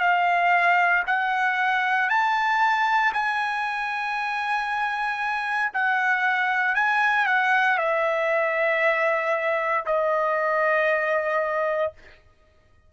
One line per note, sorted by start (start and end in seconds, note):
0.00 1.03 F5
1.07 2.09 F#5
2.09 3.13 A5
3.14 5.72 G#5
5.74 6.75 F#5
6.75 7.26 G#5
7.26 7.78 F#5
7.78 9.85 E5
9.86 11.93 D#5